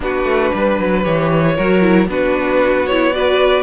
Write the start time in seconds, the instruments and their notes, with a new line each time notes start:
0.00 cello B3, viola D4, violin F#4 B4
0.24 cello A3
0.53 cello G3, violin B4
0.79 cello F#3
1.03 cello E3, viola G4, violin C#5
1.55 cello F#3, viola F#4, violin A#4
1.81 viola E4
2.07 cello B3, viola D4, violin F#4 B4
2.87 viola E4, violin C#5
3.12 viola F#4, violin B4 D5